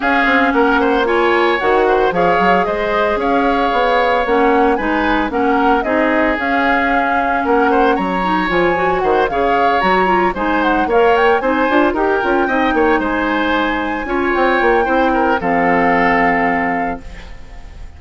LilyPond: <<
  \new Staff \with { instrumentName = "flute" } { \time 4/4 \tempo 4 = 113 f''4 fis''4 gis''4 fis''4 | f''4 dis''4 f''2 | fis''4 gis''4 fis''4 dis''4 | f''2 fis''4 ais''4 |
gis''4 fis''8 f''4 ais''4 gis''8 | fis''8 f''8 g''8 gis''4 g''4.~ | g''8 gis''2~ gis''8 g''4~ | g''4 f''2. | }
  \new Staff \with { instrumentName = "oboe" } { \time 4/4 gis'4 ais'8 c''8 cis''4. c''8 | cis''4 c''4 cis''2~ | cis''4 b'4 ais'4 gis'4~ | gis'2 ais'8 c''8 cis''4~ |
cis''4 c''8 cis''2 c''8~ | c''8 cis''4 c''4 ais'4 dis''8 | cis''8 c''2 cis''4. | c''8 ais'8 a'2. | }
  \new Staff \with { instrumentName = "clarinet" } { \time 4/4 cis'2 f'4 fis'4 | gis'1 | cis'4 dis'4 cis'4 dis'4 | cis'2.~ cis'8 dis'8 |
f'8 fis'4 gis'4 fis'8 f'8 dis'8~ | dis'8 ais'4 dis'8 f'8 g'8 f'8 dis'8~ | dis'2~ dis'8 f'4. | e'4 c'2. | }
  \new Staff \with { instrumentName = "bassoon" } { \time 4/4 cis'8 c'8 ais2 dis4 | f8 fis8 gis4 cis'4 b4 | ais4 gis4 ais4 c'4 | cis'2 ais4 fis4 |
f4 dis8 cis4 fis4 gis8~ | gis8 ais4 c'8 d'8 dis'8 cis'8 c'8 | ais8 gis2 cis'8 c'8 ais8 | c'4 f2. | }
>>